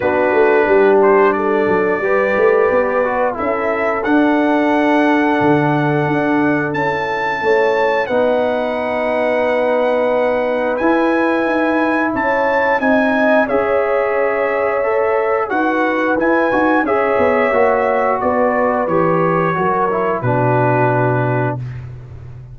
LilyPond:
<<
  \new Staff \with { instrumentName = "trumpet" } { \time 4/4 \tempo 4 = 89 b'4. c''8 d''2~ | d''4 e''4 fis''2~ | fis''2 a''2 | fis''1 |
gis''2 a''4 gis''4 | e''2. fis''4 | gis''4 e''2 d''4 | cis''2 b'2 | }
  \new Staff \with { instrumentName = "horn" } { \time 4/4 fis'4 g'4 a'4 b'4~ | b'4 a'2.~ | a'2. cis''4 | b'1~ |
b'2 cis''4 dis''4 | cis''2. b'4~ | b'4 cis''2 b'4~ | b'4 ais'4 fis'2 | }
  \new Staff \with { instrumentName = "trombone" } { \time 4/4 d'2. g'4~ | g'8 fis'8 e'4 d'2~ | d'2 e'2 | dis'1 |
e'2. dis'4 | gis'2 a'4 fis'4 | e'8 fis'8 gis'4 fis'2 | g'4 fis'8 e'8 d'2 | }
  \new Staff \with { instrumentName = "tuba" } { \time 4/4 b8 a8 g4. fis8 g8 a8 | b4 cis'4 d'2 | d4 d'4 cis'4 a4 | b1 |
e'4 dis'4 cis'4 c'4 | cis'2. dis'4 | e'8 dis'8 cis'8 b8 ais4 b4 | e4 fis4 b,2 | }
>>